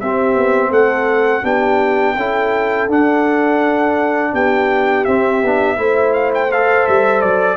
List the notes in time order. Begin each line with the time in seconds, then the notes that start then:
0.00 C4 G4 E5
0.35 B3
0.69 A3 A4 F#5
1.43 B3 D4 G4 G5
2.16 C#4 E4 A4
2.88 D4 F#5
4.33 B3 G4 G5
5.05 C4 E5
5.43 B3 D4
5.77 A3 E4 C5
6.13 F5
6.34 G5
6.52 A4 F5
6.87 G3 E5
7.22 F#3 D5